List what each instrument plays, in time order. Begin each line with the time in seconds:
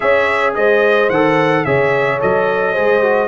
0.00 tuba C#4, trombone G#4, horn C#5, trumpet E5
0.54 tuba G#3, horn C5, trumpet D#5
1.09 tuba D#3, trombone A4, trumpet F#5
1.64 tuba C#3, trombone G#4, horn C#5, trumpet E5
2.20 tuba F#3, trombone A4, trumpet D#5
2.72 tuba G#3, trombone G#4, horn C5
3.02 trombone F#4